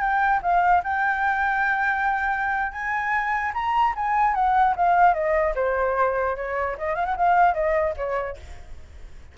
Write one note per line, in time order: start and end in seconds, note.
0.00 0.40 G5
0.42 0.82 F5
0.83 2.72 G5
2.72 3.52 G#5
3.53 3.94 A#5
3.95 4.34 G#5
4.34 4.74 F#5
4.76 5.14 F5
5.14 5.54 D#5
5.55 6.36 C5
6.36 6.76 C#5
6.78 6.95 D#5
6.95 7.05 F5
7.05 7.15 F#5
7.17 7.54 F5
7.54 7.94 D#5
7.96 8.37 C#5